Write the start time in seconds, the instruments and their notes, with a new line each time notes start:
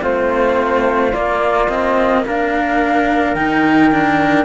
0.00 cello A3 C4, trumpet F4, flute C5
1.12 cello A#3, flute D5
1.69 cello C4, flute D#5
2.25 cello D4, trumpet A#4, flute F5
3.34 cello D#3 D#4, flute G5
3.92 cello D4